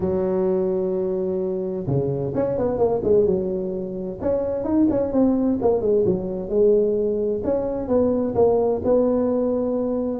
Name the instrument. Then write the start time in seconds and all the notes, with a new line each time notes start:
tuba
0.00 F#3
1.86 C#3
2.34 C#4
2.58 B3
2.78 A#3
3.03 G#3
3.25 F#3
4.21 C#4
4.64 D#4
4.90 C#4
5.12 C4
5.61 A#3
5.81 G#3
6.05 F#3
6.49 G#3
7.43 C#4
7.87 B3
8.35 A#3
8.84 B3